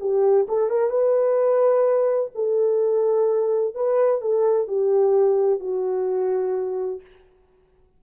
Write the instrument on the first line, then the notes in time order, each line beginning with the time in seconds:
horn
0.00 G4
0.48 A4
0.69 A#4
0.90 B4
2.35 A4
3.75 B4
4.21 A4
4.67 G4
5.60 F#4